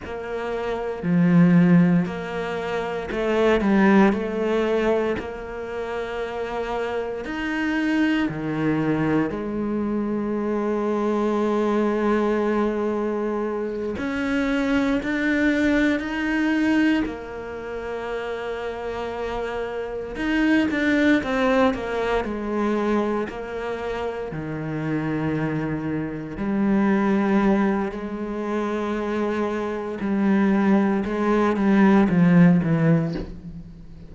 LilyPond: \new Staff \with { instrumentName = "cello" } { \time 4/4 \tempo 4 = 58 ais4 f4 ais4 a8 g8 | a4 ais2 dis'4 | dis4 gis2.~ | gis4. cis'4 d'4 dis'8~ |
dis'8 ais2. dis'8 | d'8 c'8 ais8 gis4 ais4 dis8~ | dis4. g4. gis4~ | gis4 g4 gis8 g8 f8 e8 | }